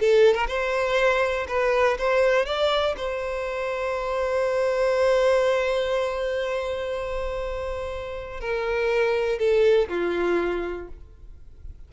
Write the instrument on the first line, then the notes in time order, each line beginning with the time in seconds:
violin
0.00 A4
0.34 A#4
0.48 C5
1.48 B4
1.98 C5
2.46 D5
2.97 C5
8.40 A#4
9.39 A4
9.89 F4